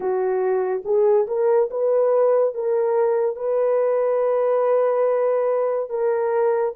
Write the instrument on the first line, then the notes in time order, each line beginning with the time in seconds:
horn
0.00 F#4
0.85 G#4
1.27 A#4
1.70 B4
2.54 A#4
3.36 B4
5.89 A#4